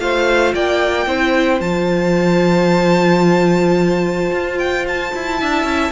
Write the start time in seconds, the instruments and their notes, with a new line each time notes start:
0.00 cello A3, viola F4, violin C5 F5
0.55 cello A#3, violin D5 G5
1.07 cello C4, viola E4, violin C5
1.61 cello F3, viola F4, violin A5
4.31 cello F4
4.59 violin G5
4.88 violin A5
5.15 cello E4
5.39 cello D4, viola E4, violin E5
5.64 cello C#4